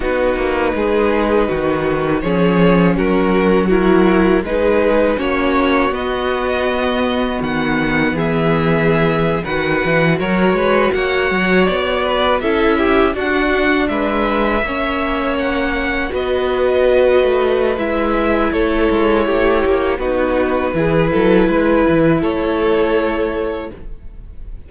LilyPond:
<<
  \new Staff \with { instrumentName = "violin" } { \time 4/4 \tempo 4 = 81 b'2. cis''4 | ais'4 fis'4 b'4 cis''4 | dis''2 fis''4 e''4~ | e''8. fis''4 cis''4 fis''4 d''16~ |
d''8. e''4 fis''4 e''4~ e''16~ | e''8. fis''4 dis''2~ dis''16 | e''4 cis''2 b'4~ | b'2 cis''2 | }
  \new Staff \with { instrumentName = "violin" } { \time 4/4 fis'4 gis'4 fis'4 gis'4 | fis'4 ais'4 gis'4 fis'4~ | fis'2. gis'4~ | gis'8. b'4 ais'8 b'8 cis''4~ cis''16~ |
cis''16 b'8 a'8 g'8 fis'4 b'4 cis''16~ | cis''4.~ cis''16 b'2~ b'16~ | b'4 a'4 g'4 fis'4 | gis'8 a'8 b'4 a'2 | }
  \new Staff \with { instrumentName = "viola" } { \time 4/4 dis'2. cis'4~ | cis'4 e'4 dis'4 cis'4 | b1~ | b8. fis'2.~ fis'16~ |
fis'8. e'4 d'2 cis'16~ | cis'4.~ cis'16 fis'2~ fis'16 | e'2. dis'4 | e'1 | }
  \new Staff \with { instrumentName = "cello" } { \time 4/4 b8 ais8 gis4 dis4 f4 | fis2 gis4 ais4 | b2 dis4 e4~ | e8. dis8 e8 fis8 gis8 ais8 fis8 b16~ |
b8. cis'4 d'4 gis4 ais16~ | ais4.~ ais16 b4. a8. | gis4 a8 gis8 a8 ais8 b4 | e8 fis8 gis8 e8 a2 | }
>>